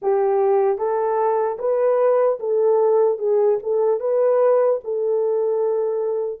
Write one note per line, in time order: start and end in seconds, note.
0.01 0.78 G4
0.78 1.58 A4
1.58 2.38 B4
2.39 3.18 A4
3.18 3.58 G#4
3.62 4.00 A4
4.00 4.80 B4
4.84 6.40 A4